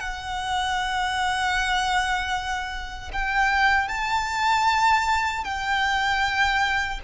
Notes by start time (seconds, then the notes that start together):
0.00 F#5
3.13 G5
3.89 A5
5.44 G5